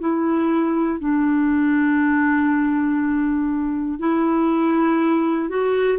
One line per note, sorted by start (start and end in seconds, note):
0.00 1.00 E4
1.00 3.99 D4
3.99 5.49 E4
5.50 5.99 F#4